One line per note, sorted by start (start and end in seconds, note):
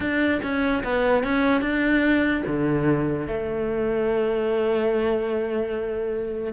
0.00 0.41 D4
0.42 0.83 C#4
0.83 1.23 B3
1.23 1.61 C#4
1.61 2.42 D4
2.46 3.27 D3
3.27 6.52 A3